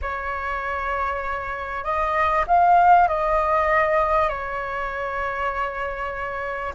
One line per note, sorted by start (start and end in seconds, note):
0.01 1.83 C#5
1.83 2.45 D#5
2.47 3.08 F5
3.08 4.29 D#5
4.29 6.73 C#5